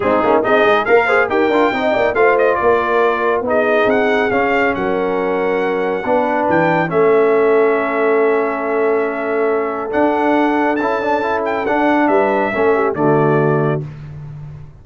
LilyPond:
<<
  \new Staff \with { instrumentName = "trumpet" } { \time 4/4 \tempo 4 = 139 gis'4 dis''4 f''4 g''4~ | g''4 f''8 dis''8 d''2 | dis''4 fis''4 f''4 fis''4~ | fis''2. g''4 |
e''1~ | e''2. fis''4~ | fis''4 a''4. g''8 fis''4 | e''2 d''2 | }
  \new Staff \with { instrumentName = "horn" } { \time 4/4 dis'4 gis'4 ais'8 c''8 ais'4 | dis''8 d''8 c''4 ais'2 | gis'2. ais'4~ | ais'2 b'2 |
a'1~ | a'1~ | a'1 | b'4 a'8 g'8 fis'2 | }
  \new Staff \with { instrumentName = "trombone" } { \time 4/4 c'8 cis'8 dis'4 ais'8 gis'8 g'8 f'8 | dis'4 f'2. | dis'2 cis'2~ | cis'2 d'2 |
cis'1~ | cis'2. d'4~ | d'4 e'8 d'8 e'4 d'4~ | d'4 cis'4 a2 | }
  \new Staff \with { instrumentName = "tuba" } { \time 4/4 gis8 ais8 c'8 gis8 ais4 dis'8 d'8 | c'8 ais8 a4 ais2 | b4 c'4 cis'4 fis4~ | fis2 b4 e4 |
a1~ | a2. d'4~ | d'4 cis'2 d'4 | g4 a4 d2 | }
>>